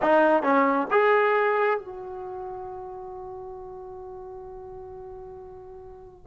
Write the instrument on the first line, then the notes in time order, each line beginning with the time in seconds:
trombone
0.02 D#4
0.43 C#4
0.91 G#4
1.79 F#4